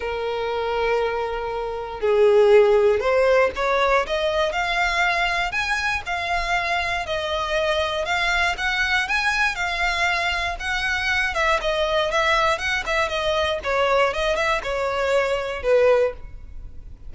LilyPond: \new Staff \with { instrumentName = "violin" } { \time 4/4 \tempo 4 = 119 ais'1 | gis'2 c''4 cis''4 | dis''4 f''2 gis''4 | f''2 dis''2 |
f''4 fis''4 gis''4 f''4~ | f''4 fis''4. e''8 dis''4 | e''4 fis''8 e''8 dis''4 cis''4 | dis''8 e''8 cis''2 b'4 | }